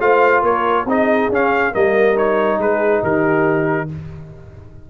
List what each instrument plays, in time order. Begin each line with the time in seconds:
0.00 tuba A3, trombone F4, horn C5, trumpet F5
0.43 tuba A#3, horn A#4, trumpet C#5
0.86 tuba C4, trombone D#4, horn G#4, trumpet D#5
1.29 tuba C#4, trombone C#4, trumpet F5
1.73 tuba G3, trombone A#3, horn A#4, trumpet D#5
2.16 trombone D#4, trumpet C#5
2.59 tuba G#3, horn G#4, trumpet B4
3.02 tuba D#3, horn G4, trumpet A#4